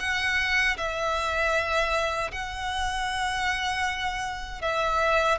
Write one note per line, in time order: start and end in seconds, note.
0.00 0.77 F#5
0.77 2.31 E5
2.32 4.62 F#5
4.62 5.38 E5